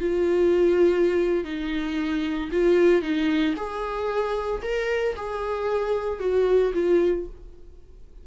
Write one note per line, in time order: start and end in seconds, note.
0.00 1.44 F4
1.44 2.50 D#4
2.52 3.02 F4
3.02 3.55 D#4
3.56 4.62 G#4
4.62 5.15 A#4
5.16 6.20 G#4
6.20 6.72 F#4
6.74 7.26 F4